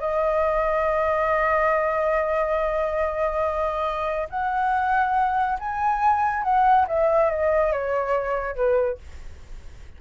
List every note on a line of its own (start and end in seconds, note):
0.00 4.29 D#5
4.30 5.58 F#5
5.59 6.43 G#5
6.43 6.86 F#5
6.88 7.30 E5
7.30 7.72 D#5
7.72 8.56 C#5
8.56 8.98 B4